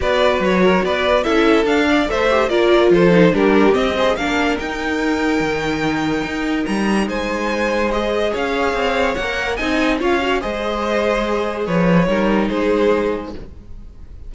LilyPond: <<
  \new Staff \with { instrumentName = "violin" } { \time 4/4 \tempo 4 = 144 d''4 cis''4 d''4 e''4 | f''4 e''4 d''4 c''4 | ais'4 dis''4 f''4 g''4~ | g''1 |
ais''4 gis''2 dis''4 | f''2 fis''4 gis''4 | f''4 dis''2. | cis''2 c''2 | }
  \new Staff \with { instrumentName = "violin" } { \time 4/4 b'4. ais'8 b'4 a'4~ | a'8 d''8 c''4 ais'4 a'4 | g'4. c''8 ais'2~ | ais'1~ |
ais'4 c''2. | cis''2. dis''4 | cis''4 c''2. | b'4 ais'4 gis'2 | }
  \new Staff \with { instrumentName = "viola" } { \time 4/4 fis'2. e'4 | d'4 a'8 g'8 f'4. dis'8 | d'4 c'8 gis'8 d'4 dis'4~ | dis'1~ |
dis'2. gis'4~ | gis'2 ais'4 dis'4 | f'8 fis'8 gis'2.~ | gis'4 dis'2. | }
  \new Staff \with { instrumentName = "cello" } { \time 4/4 b4 fis4 b4 cis'4 | d'4 a4 ais4 f4 | g4 c'4 ais4 dis'4~ | dis'4 dis2 dis'4 |
g4 gis2. | cis'4 c'4 ais4 c'4 | cis'4 gis2. | f4 g4 gis2 | }
>>